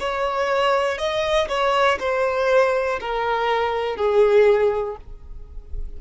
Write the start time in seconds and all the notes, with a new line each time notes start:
0.00 C#5
0.98 D#5
1.49 C#5
2.00 C5
3.00 A#4
3.96 G#4